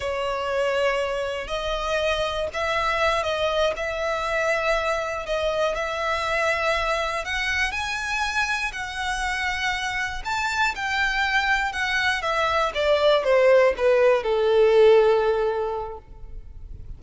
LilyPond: \new Staff \with { instrumentName = "violin" } { \time 4/4 \tempo 4 = 120 cis''2. dis''4~ | dis''4 e''4. dis''4 e''8~ | e''2~ e''8 dis''4 e''8~ | e''2~ e''8 fis''4 gis''8~ |
gis''4. fis''2~ fis''8~ | fis''8 a''4 g''2 fis''8~ | fis''8 e''4 d''4 c''4 b'8~ | b'8 a'2.~ a'8 | }